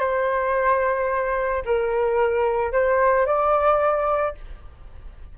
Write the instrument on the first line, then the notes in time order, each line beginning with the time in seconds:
flute
0.00 C5
1.66 A#4
2.73 C5
3.26 D5